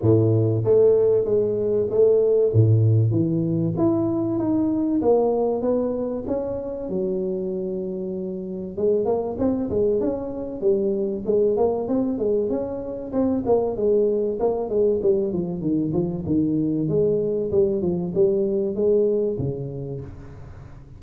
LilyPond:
\new Staff \with { instrumentName = "tuba" } { \time 4/4 \tempo 4 = 96 a,4 a4 gis4 a4 | a,4 e4 e'4 dis'4 | ais4 b4 cis'4 fis4~ | fis2 gis8 ais8 c'8 gis8 |
cis'4 g4 gis8 ais8 c'8 gis8 | cis'4 c'8 ais8 gis4 ais8 gis8 | g8 f8 dis8 f8 dis4 gis4 | g8 f8 g4 gis4 cis4 | }